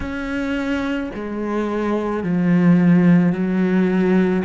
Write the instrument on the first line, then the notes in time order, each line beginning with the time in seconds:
cello
0.00 C#4
1.14 G#3
2.23 F3
3.32 F#3